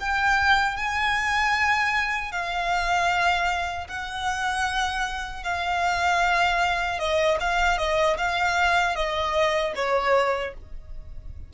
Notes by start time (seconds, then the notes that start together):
0.00 G5
0.77 G#5
2.32 F5
3.88 F#5
5.44 F5
6.99 D#5
7.40 F5
7.78 D#5
8.18 F5
8.96 D#5
9.76 C#5